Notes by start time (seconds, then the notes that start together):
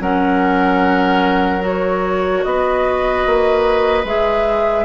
0.00 F#3 C#4 A#4 F#5
1.60 F#4 C#5
2.43 B3 B4 D#5
3.26 A#3
4.04 G#3 G#4 E5